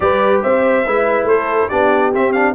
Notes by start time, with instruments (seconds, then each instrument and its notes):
0.00 tuba G3, trombone G4, horn B4, trumpet D5
0.42 tuba C4, horn C5, trumpet E5
0.85 tuba G#3, trombone E4, horn B4
1.24 tuba A3, horn A4, trumpet C5
1.69 tuba B3, trombone D4, horn G4, trumpet D5
2.14 trombone C4, tuba C4, trumpet E5
2.32 trombone D4, trumpet F5